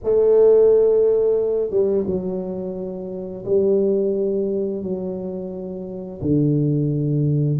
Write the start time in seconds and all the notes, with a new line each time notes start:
0.03 A3
1.70 G3
2.06 F#3
3.45 G3
4.82 F#3
6.21 D3